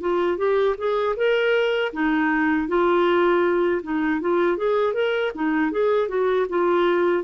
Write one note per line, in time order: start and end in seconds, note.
0.00 0.37 F4
0.37 0.75 G4
0.77 1.15 G#4
1.16 1.92 A#4
1.92 2.68 D#4
2.68 3.81 F4
3.83 4.20 D#4
4.20 4.57 F4
4.57 4.93 G#4
4.93 5.31 A#4
5.34 5.71 D#4
5.71 6.08 G#4
6.08 6.46 F#4
6.49 7.23 F4